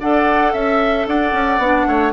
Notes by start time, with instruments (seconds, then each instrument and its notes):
0.00 bassoon D4, clarinet A4, oboe D5, flute F#5
0.53 bassoon C#4, oboe E5, flute E5
1.07 bassoon D4, oboe D5, flute F#5
1.32 bassoon C#4
1.58 bassoon B3, clarinet D4
1.87 bassoon A3, oboe C#5